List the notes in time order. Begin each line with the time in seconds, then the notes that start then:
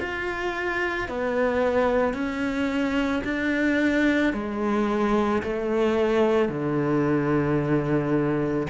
0.00 F4
1.09 B3
2.13 C#4
3.24 D4
4.33 G#3
5.43 A3
6.49 D3